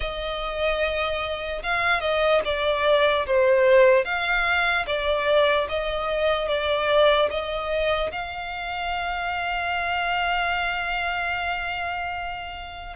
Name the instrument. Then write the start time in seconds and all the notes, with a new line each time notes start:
violin
0.00 D#5
1.63 F5
2.00 D#5
2.45 D5
3.26 C5
4.04 F5
4.86 D5
5.69 D#5
6.48 D5
7.30 D#5
8.11 F5